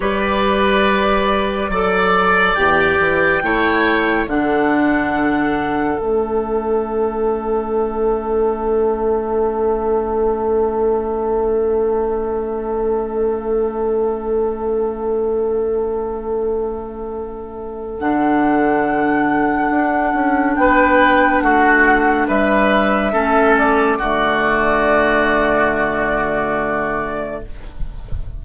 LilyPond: <<
  \new Staff \with { instrumentName = "flute" } { \time 4/4 \tempo 4 = 70 d''2. g''4~ | g''4 fis''2 e''4~ | e''1~ | e''1~ |
e''1~ | e''4 fis''2. | g''4 fis''4 e''4. d''8~ | d''1 | }
  \new Staff \with { instrumentName = "oboe" } { \time 4/4 b'2 d''2 | cis''4 a'2.~ | a'1~ | a'1~ |
a'1~ | a'1 | b'4 fis'4 b'4 a'4 | fis'1 | }
  \new Staff \with { instrumentName = "clarinet" } { \time 4/4 g'2 a'4 g'4 | e'4 d'2 cis'4~ | cis'1~ | cis'1~ |
cis'1~ | cis'4 d'2.~ | d'2. cis'4 | a1 | }
  \new Staff \with { instrumentName = "bassoon" } { \time 4/4 g2 fis4 e,8 e8 | a4 d2 a4~ | a1~ | a1~ |
a1~ | a4 d2 d'8 cis'8 | b4 a4 g4 a4 | d1 | }
>>